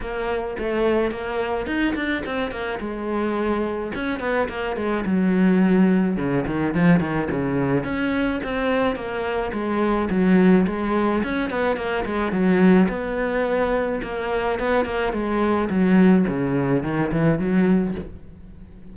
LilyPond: \new Staff \with { instrumentName = "cello" } { \time 4/4 \tempo 4 = 107 ais4 a4 ais4 dis'8 d'8 | c'8 ais8 gis2 cis'8 b8 | ais8 gis8 fis2 cis8 dis8 | f8 dis8 cis4 cis'4 c'4 |
ais4 gis4 fis4 gis4 | cis'8 b8 ais8 gis8 fis4 b4~ | b4 ais4 b8 ais8 gis4 | fis4 cis4 dis8 e8 fis4 | }